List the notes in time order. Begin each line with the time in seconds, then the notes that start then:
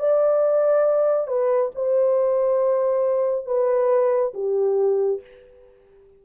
0.00 D5
1.28 B4
1.75 C5
3.47 B4
4.34 G4